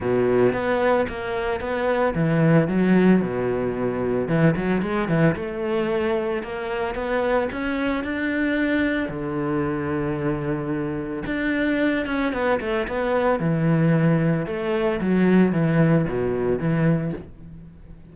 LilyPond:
\new Staff \with { instrumentName = "cello" } { \time 4/4 \tempo 4 = 112 b,4 b4 ais4 b4 | e4 fis4 b,2 | e8 fis8 gis8 e8 a2 | ais4 b4 cis'4 d'4~ |
d'4 d2.~ | d4 d'4. cis'8 b8 a8 | b4 e2 a4 | fis4 e4 b,4 e4 | }